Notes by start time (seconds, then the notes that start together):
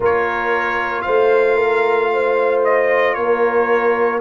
0.00 A#3 F4 A#4 C#5
1.01 A3 C5 F5
1.56 A#4
2.13 C5
2.64 D#5
3.14 A#3 A#4 C#5